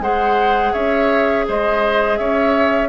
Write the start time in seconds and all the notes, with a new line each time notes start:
0.00 G#3 G#4 C5 F#5
0.73 C#4 C#5 E5
1.48 G#3 C5 D#5
2.17 C#4 C#5 E5